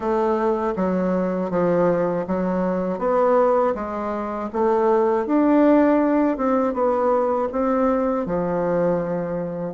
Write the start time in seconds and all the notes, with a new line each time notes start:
0.00 A3
0.75 F#3
1.50 F3
2.27 F#3
2.99 B3
3.74 G#3
4.52 A3
5.26 D4
6.37 C4
6.73 B3
7.52 C4
8.26 F3